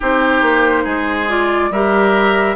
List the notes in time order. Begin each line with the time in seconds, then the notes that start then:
0.00 C4 D#4 G4 C5
0.42 A#3
0.83 G#3 G#4
1.28 F4 D5
1.70 G3 G4 A#4 E5